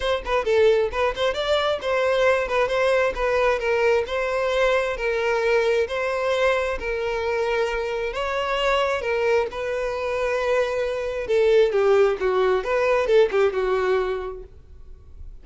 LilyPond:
\new Staff \with { instrumentName = "violin" } { \time 4/4 \tempo 4 = 133 c''8 b'8 a'4 b'8 c''8 d''4 | c''4. b'8 c''4 b'4 | ais'4 c''2 ais'4~ | ais'4 c''2 ais'4~ |
ais'2 cis''2 | ais'4 b'2.~ | b'4 a'4 g'4 fis'4 | b'4 a'8 g'8 fis'2 | }